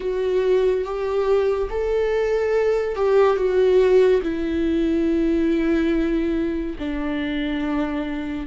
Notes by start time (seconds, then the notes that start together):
0.00 F#4
0.84 G4
1.70 A4
2.95 G4
3.36 F#4
4.22 E4
6.78 D4